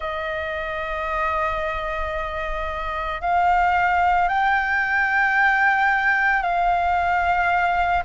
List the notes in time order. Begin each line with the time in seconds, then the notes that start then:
0.00 D#5
3.21 F5
4.28 G5
6.42 F5